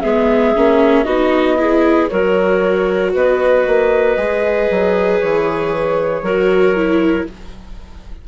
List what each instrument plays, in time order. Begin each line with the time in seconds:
0.00 bassoon G#3, viola B3, clarinet G#4, flute E5
0.55 bassoon A#3, viola C#4
1.03 bassoon B3, viola D#4, clarinet F#4, flute D#5
1.57 viola E4, clarinet G#4
2.07 bassoon F#3, viola F#4, clarinet A#4, flute C#5
3.13 bassoon B3, clarinet B4, flute D#5
3.66 bassoon A#3
4.16 bassoon G#3, viola G#4
4.70 bassoon F#3
5.19 bassoon E3, flute C#5
6.22 bassoon F#3, viola F#4, clarinet A#4
6.75 viola E4